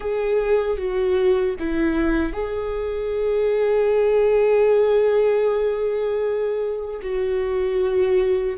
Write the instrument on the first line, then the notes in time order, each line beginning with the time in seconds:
viola
0.00 G#4
0.77 F#4
1.59 E4
2.32 G#4
7.01 F#4